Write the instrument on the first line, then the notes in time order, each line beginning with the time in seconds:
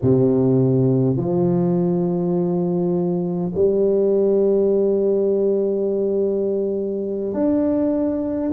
tuba
0.02 C3
1.16 F3
3.54 G3
7.33 D4